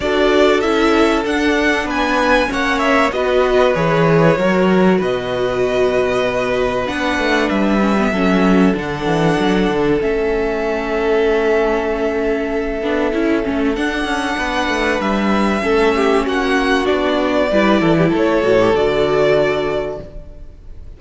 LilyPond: <<
  \new Staff \with { instrumentName = "violin" } { \time 4/4 \tempo 4 = 96 d''4 e''4 fis''4 gis''4 | fis''8 e''8 dis''4 cis''2 | dis''2. fis''4 | e''2 fis''2 |
e''1~ | e''2 fis''2 | e''2 fis''4 d''4~ | d''4 cis''4 d''2 | }
  \new Staff \with { instrumentName = "violin" } { \time 4/4 a'2. b'4 | cis''4 b'2 ais'4 | b'1~ | b'4 a'2.~ |
a'1~ | a'2. b'4~ | b'4 a'8 g'8 fis'2 | b'8 a'16 g'16 a'2. | }
  \new Staff \with { instrumentName = "viola" } { \time 4/4 fis'4 e'4 d'2 | cis'4 fis'4 gis'4 fis'4~ | fis'2. d'4~ | d'8 cis'16 b16 cis'4 d'2 |
cis'1~ | cis'8 d'8 e'8 cis'8 d'2~ | d'4 cis'2 d'4 | e'4. fis'16 g'16 fis'2 | }
  \new Staff \with { instrumentName = "cello" } { \time 4/4 d'4 cis'4 d'4 b4 | ais4 b4 e4 fis4 | b,2. b8 a8 | g4 fis4 d8 e8 fis8 d8 |
a1~ | a8 b8 cis'8 a8 d'8 cis'8 b8 a8 | g4 a4 ais4 b4 | g8 e8 a8 a,8 d2 | }
>>